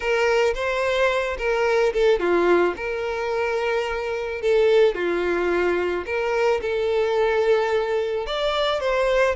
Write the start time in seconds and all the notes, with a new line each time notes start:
0.00 A#4
0.54 C5
1.38 A#4
1.93 A4
2.19 F4
2.76 A#4
4.41 A4
4.94 F4
6.06 A#4
6.61 A4
8.26 D5
8.80 C5